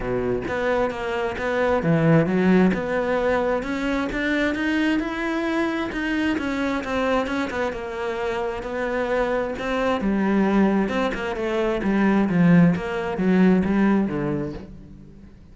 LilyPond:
\new Staff \with { instrumentName = "cello" } { \time 4/4 \tempo 4 = 132 b,4 b4 ais4 b4 | e4 fis4 b2 | cis'4 d'4 dis'4 e'4~ | e'4 dis'4 cis'4 c'4 |
cis'8 b8 ais2 b4~ | b4 c'4 g2 | c'8 ais8 a4 g4 f4 | ais4 fis4 g4 d4 | }